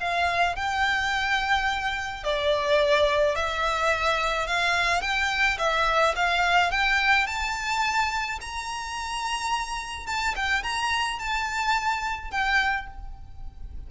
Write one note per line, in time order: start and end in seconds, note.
0.00 0.56 F5
0.56 2.24 G5
2.24 3.35 D5
3.35 4.47 E5
4.47 5.01 F5
5.01 5.57 G5
5.58 6.14 E5
6.16 6.71 F5
6.71 7.27 G5
7.27 8.39 A5
8.41 10.07 A#5
10.07 10.35 A5
10.36 10.63 G5
10.63 11.19 A#5
11.19 12.31 A5
12.31 12.87 G5